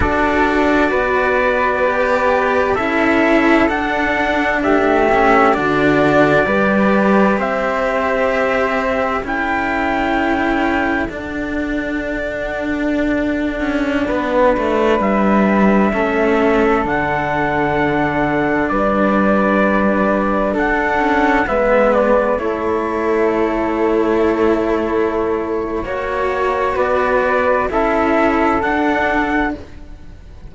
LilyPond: <<
  \new Staff \with { instrumentName = "trumpet" } { \time 4/4 \tempo 4 = 65 d''2. e''4 | fis''4 e''4 d''2 | e''2 g''2 | fis''1~ |
fis''16 e''2 fis''4.~ fis''16~ | fis''16 d''2 fis''4 e''8 d''16~ | d''16 cis''2.~ cis''8.~ | cis''4 d''4 e''4 fis''4 | }
  \new Staff \with { instrumentName = "flute" } { \time 4/4 a'4 b'2 a'4~ | a'4 g'4 fis'4 b'4 | c''2 a'2~ | a'2.~ a'16 b'8.~ |
b'4~ b'16 a'2~ a'8.~ | a'16 b'2 a'4 b'8.~ | b'16 a'2.~ a'8. | cis''4 b'4 a'2 | }
  \new Staff \with { instrumentName = "cello" } { \time 4/4 fis'2 g'4 e'4 | d'4. cis'8 d'4 g'4~ | g'2 e'2 | d'1~ |
d'4~ d'16 cis'4 d'4.~ d'16~ | d'2~ d'8. cis'8 b8.~ | b16 e'2.~ e'8. | fis'2 e'4 d'4 | }
  \new Staff \with { instrumentName = "cello" } { \time 4/4 d'4 b2 cis'4 | d'4 a4 d4 g4 | c'2 cis'2 | d'2~ d'8. cis'8 b8 a16~ |
a16 g4 a4 d4.~ d16~ | d16 g2 d'4 gis8.~ | gis16 a2.~ a8. | ais4 b4 cis'4 d'4 | }
>>